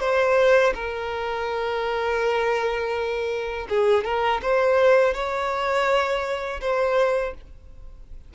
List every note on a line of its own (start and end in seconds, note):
0.00 0.73 C5
0.74 3.67 A#4
3.69 4.04 G#4
4.04 4.41 A#4
4.42 5.14 C5
5.14 6.60 C#5
6.61 7.34 C5